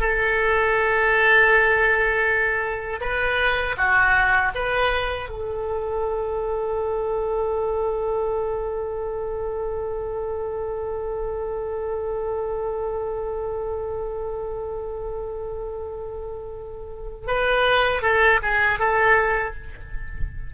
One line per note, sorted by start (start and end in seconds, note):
0.00 3.00 A4
3.01 3.76 B4
3.77 4.52 F#4
4.55 5.29 B4
5.29 17.27 A4
17.27 18.02 B4
18.02 18.40 A4
18.42 18.79 G#4
18.79 19.54 A4